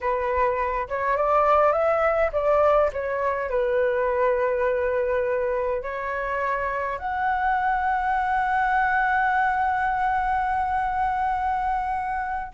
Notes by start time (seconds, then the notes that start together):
0.00 B4
0.88 C#5
1.17 D5
1.72 E5
2.32 D5
2.93 C#5
3.49 B4
5.82 C#5
6.98 F#5